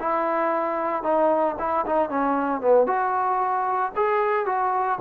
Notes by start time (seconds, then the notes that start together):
0.00 E4
1.03 D#4
1.59 E4
1.86 D#4
2.10 C#4
2.61 B3
2.87 F#4
3.96 G#4
4.46 F#4